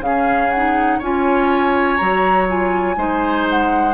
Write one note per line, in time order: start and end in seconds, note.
0.00 0.98 C#3
0.00 0.52 C#4
0.00 0.98 G#4
0.00 0.49 F5
0.49 0.99 F#5
0.56 1.02 D#4
0.98 1.98 C#4
0.98 1.99 F4
0.98 2.95 C#5
0.98 1.97 G#5
1.97 2.97 F#3
1.97 2.48 F#4
1.97 2.46 A#5
2.48 2.96 F4
2.48 3.47 G#5
2.96 3.94 G#3
2.96 3.94 D#4
2.96 3.94 C5
3.49 3.94 F#5